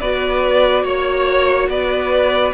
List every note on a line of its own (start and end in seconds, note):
0.00 0.83 B3
0.00 2.53 F#4
0.00 0.83 B4
0.00 0.84 D5
0.83 1.68 A#3
0.83 1.67 C#5
0.83 1.69 C#5
1.68 2.53 B3
1.68 2.53 B4
1.68 2.53 D5